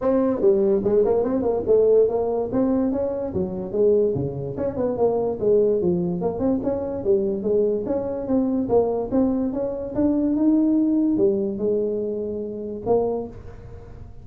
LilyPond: \new Staff \with { instrumentName = "tuba" } { \time 4/4 \tempo 4 = 145 c'4 g4 gis8 ais8 c'8 ais8 | a4 ais4 c'4 cis'4 | fis4 gis4 cis4 cis'8 b8 | ais4 gis4 f4 ais8 c'8 |
cis'4 g4 gis4 cis'4 | c'4 ais4 c'4 cis'4 | d'4 dis'2 g4 | gis2. ais4 | }